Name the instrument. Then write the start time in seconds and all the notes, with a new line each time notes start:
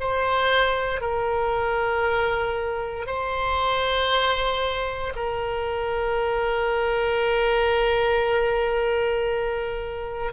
oboe
0.00 C5
1.01 A#4
3.07 C5
5.16 A#4